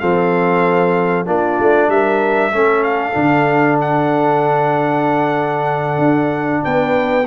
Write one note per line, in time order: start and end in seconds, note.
0.00 1.27 F3
0.00 1.26 C4
0.00 1.25 A4
0.00 1.26 F5
1.25 1.58 A#3
1.25 2.52 D4
1.25 1.88 F4
1.25 1.90 D5
1.60 1.89 A3
1.89 2.52 G3
1.89 2.51 A#4
1.89 2.83 E5
2.51 3.15 A3
2.51 3.13 C#4
2.51 6.62 A4
2.83 3.78 F5
3.13 5.99 D3
3.13 7.24 D4
3.81 6.65 F#5
5.99 6.62 D4
6.64 7.27 B3
6.64 7.27 B4
6.64 7.27 G5